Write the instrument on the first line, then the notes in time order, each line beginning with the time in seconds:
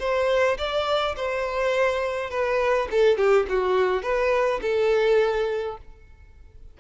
violin
0.00 C5
0.58 D5
1.17 C5
2.31 B4
2.92 A4
3.18 G4
3.50 F#4
4.03 B4
4.62 A4